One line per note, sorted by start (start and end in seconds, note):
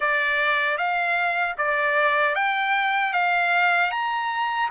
0.00 0.77 D5
0.77 1.55 F5
1.57 2.35 D5
2.35 3.13 G5
3.13 3.91 F5
3.91 4.69 A#5